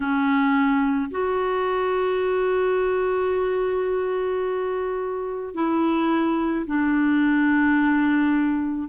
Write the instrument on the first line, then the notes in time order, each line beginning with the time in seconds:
clarinet
0.00 C#4
1.10 F#4
5.54 E4
6.66 D4